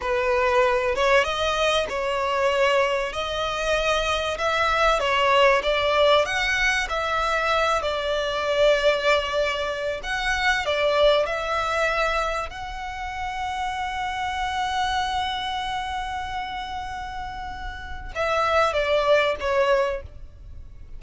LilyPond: \new Staff \with { instrumentName = "violin" } { \time 4/4 \tempo 4 = 96 b'4. cis''8 dis''4 cis''4~ | cis''4 dis''2 e''4 | cis''4 d''4 fis''4 e''4~ | e''8 d''2.~ d''8 |
fis''4 d''4 e''2 | fis''1~ | fis''1~ | fis''4 e''4 d''4 cis''4 | }